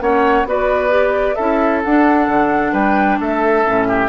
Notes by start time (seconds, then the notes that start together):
0.00 A#3 C#4 C#5 F#5
0.45 B3 F#4 B4 D5
0.90 G4
1.35 C#4 E4 A4 E5
1.84 D4 F#5
2.28 D3
2.72 G3 B4 G5
3.20 A3 A4 E5
3.65 A2 C#4
3.88 G4